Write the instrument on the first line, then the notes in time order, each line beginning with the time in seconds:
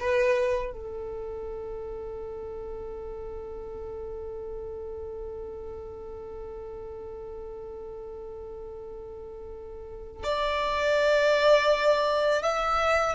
violin
0.00 B4
0.73 A4
10.24 D5
12.43 E5